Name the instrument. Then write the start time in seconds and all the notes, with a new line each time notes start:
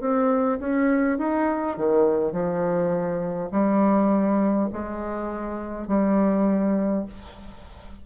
bassoon
0.00 C4
0.59 C#4
1.18 D#4
1.77 D#3
2.32 F3
3.51 G3
4.72 G#3
5.87 G3